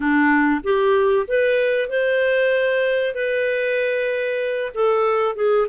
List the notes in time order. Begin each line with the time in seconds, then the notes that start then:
0.00 D4
0.63 G4
1.27 B4
1.89 C5
3.14 B4
4.74 A4
5.35 G#4